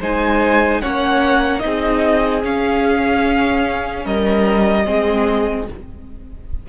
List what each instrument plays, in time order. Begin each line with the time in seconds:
0.00 cello G#3, viola D#4, violin C5 G#5
0.81 cello A#3, viola C#4, violin C#5 F#5
1.59 cello C4, viola D#4, violin G#4 D#5
2.42 viola C#4, cello C#4, violin F5
4.04 cello G3, violin A#4 D#5
4.84 cello G#3, viola C4, violin G#4